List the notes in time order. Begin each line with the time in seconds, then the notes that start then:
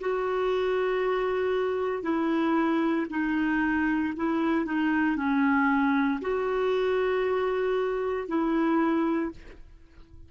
0.00 F#4
2.03 E4
3.10 D#4
4.16 E4
4.65 D#4
5.16 C#4
6.21 F#4
8.28 E4